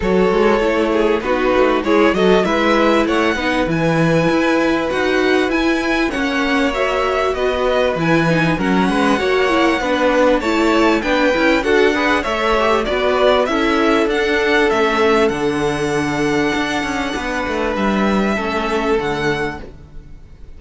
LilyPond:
<<
  \new Staff \with { instrumentName = "violin" } { \time 4/4 \tempo 4 = 98 cis''2 b'4 cis''8 dis''8 | e''4 fis''4 gis''2 | fis''4 gis''4 fis''4 e''4 | dis''4 gis''4 fis''2~ |
fis''4 a''4 g''4 fis''4 | e''4 d''4 e''4 fis''4 | e''4 fis''2.~ | fis''4 e''2 fis''4 | }
  \new Staff \with { instrumentName = "violin" } { \time 4/4 a'4. gis'8 fis'4 gis'8 a'8 | b'4 cis''8 b'2~ b'8~ | b'2 cis''2 | b'2 ais'8 b'8 cis''4 |
b'4 cis''4 b'4 a'8 b'8 | cis''4 b'4 a'2~ | a'1 | b'2 a'2 | }
  \new Staff \with { instrumentName = "viola" } { \time 4/4 fis'4 e'4 dis'4 e'8 fis'8 | e'4. dis'8 e'2 | fis'4 e'4 cis'4 fis'4~ | fis'4 e'8 dis'8 cis'4 fis'8 e'8 |
d'4 e'4 d'8 e'8 fis'8 gis'8 | a'8 g'8 fis'4 e'4 d'4 | cis'4 d'2.~ | d'2 cis'4 a4 | }
  \new Staff \with { instrumentName = "cello" } { \time 4/4 fis8 gis8 a4 b8 a8 gis8 fis8 | gis4 a8 b8 e4 e'4 | dis'4 e'4 ais2 | b4 e4 fis8 gis8 ais4 |
b4 a4 b8 cis'8 d'4 | a4 b4 cis'4 d'4 | a4 d2 d'8 cis'8 | b8 a8 g4 a4 d4 | }
>>